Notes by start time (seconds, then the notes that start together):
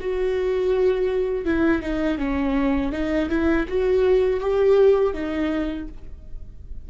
0.00 F#4
1.45 E4
1.82 D#4
2.18 C#4
2.92 D#4
3.29 E4
3.68 F#4
4.40 G4
5.14 D#4